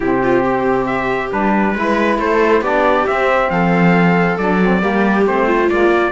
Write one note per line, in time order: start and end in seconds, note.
0.00 1.32 C3
0.00 1.30 C4
0.00 0.21 E4
0.00 0.85 G4
0.23 0.43 F4
0.43 1.74 G4
0.85 1.29 E5
1.30 1.74 G3
1.30 1.74 D4
1.30 2.19 B4
1.74 2.18 G#3
1.74 2.63 E4
1.74 2.19 B4
2.18 2.61 A3
2.18 2.61 A4
2.18 2.63 C5
2.61 3.05 B3
2.61 3.06 D4
2.61 3.48 G4
2.61 3.06 D5
3.06 4.39 C4
3.06 3.50 C4
3.06 3.50 E5
3.50 4.37 F3
3.50 4.82 A4
3.50 4.37 F5
4.37 4.82 F#3
4.37 4.61 D4
4.37 5.25 D5
4.62 4.80 C4
4.80 5.26 G3
4.80 5.24 A#3
4.80 5.46 G4
5.25 5.70 A3
5.25 5.69 C4
5.25 5.69 C5
5.46 6.11 F4
5.69 5.89 G#3
5.69 6.11 A#3
5.69 6.11 D5
5.89 6.11 A#3